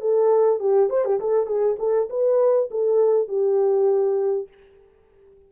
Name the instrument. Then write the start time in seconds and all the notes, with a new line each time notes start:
horn
0.00 A4
0.59 G4
0.89 C5
1.04 G4
1.19 A4
1.46 G#4
1.78 A4
2.09 B4
2.70 A4
3.28 G4